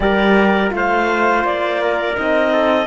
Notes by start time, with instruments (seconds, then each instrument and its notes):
0.00 cello G3, horn G4, trumpet A#4, clarinet D5
0.70 cello A3, horn F4, trumpet C5, clarinet F5
1.44 cello A#3, clarinet D5
1.82 trumpet A#4
2.15 cello C4, horn D#4, clarinet D#5
2.52 trumpet A4